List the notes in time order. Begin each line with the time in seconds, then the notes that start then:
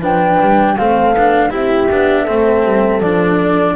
0.00 F3 D4 B4 G5
0.40 G3
0.77 A3 C4 A4 F5
1.14 B3 D4
1.50 C4 E4 G4 E5
1.91 B3 D4
2.23 A3 C4 A4
2.64 G3
3.00 F3 D4 D5